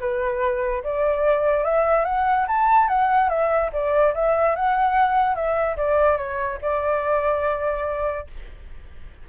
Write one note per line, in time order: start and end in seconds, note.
0.00 0.83 B4
0.83 1.64 D5
1.64 2.05 E5
2.05 2.46 F#5
2.48 2.88 A5
2.88 3.29 F#5
3.29 3.71 E5
3.73 4.14 D5
4.14 4.56 E5
4.56 5.35 F#5
5.35 5.76 E5
5.76 6.17 D5
6.17 6.59 C#5
6.62 8.27 D5